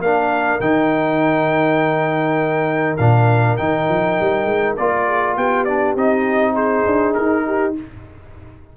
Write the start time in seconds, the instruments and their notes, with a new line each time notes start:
0.00 tuba A#3, trombone D4, horn A#4, trumpet F5
0.61 tuba D#3, trombone D#4, trumpet G5
2.97 tuba A#2, trombone D4, trumpet F5
3.57 tuba D#3, trombone D#4, trumpet G5
3.89 tuba F3
4.20 tuba G3
4.45 tuba G#3
4.77 tuba A#3, trombone F4, trumpet D5
5.05 horn G#4
5.37 tuba B3, horn G4, trumpet G5
5.65 trombone D4, trumpet D5
5.96 tuba C4, trombone D#4, trumpet D#5
6.54 horn G#4, trumpet C5
6.87 tuba D4
7.14 tuba D#4, trumpet A#4
7.47 horn G4